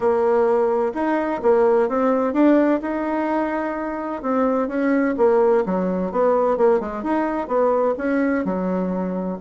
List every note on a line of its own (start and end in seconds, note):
0.00 0.93 A#3
0.94 1.41 D#4
1.42 1.89 A#3
1.89 2.33 C4
2.33 2.80 D4
2.81 4.22 D#4
4.22 4.67 C4
4.67 5.14 C#4
5.17 5.64 A#3
5.65 6.11 F#3
6.11 6.57 B3
6.57 6.80 A#3
6.80 7.03 G#3
7.03 7.47 D#4
7.47 7.94 B3
7.97 8.44 C#4
8.44 9.38 F#3